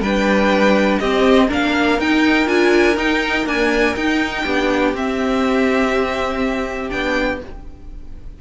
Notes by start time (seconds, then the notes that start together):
0.00 G3 D4 B4 G5
0.99 C4 G4 D#5
1.48 A#3 D4 A#4 F5
1.99 D#4 G5
2.46 D4 F4 G#5
2.97 D#4 G5
3.45 A#3 D4 G#5
3.96 D#4 G5
4.43 B3 D4 G4
4.93 C4 E5
6.89 B3 D4 G5